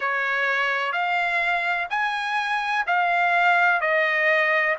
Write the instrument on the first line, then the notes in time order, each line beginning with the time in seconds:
trumpet
0.00 C#5
0.92 F5
1.90 G#5
2.87 F5
3.81 D#5